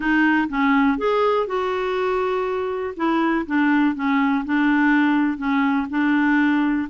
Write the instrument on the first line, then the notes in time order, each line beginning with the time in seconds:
clarinet
0.00 D#4
0.49 C#4
0.97 G#4
1.46 F#4
2.96 E4
3.46 D4
3.95 C#4
4.45 D4
5.37 C#4
5.90 D4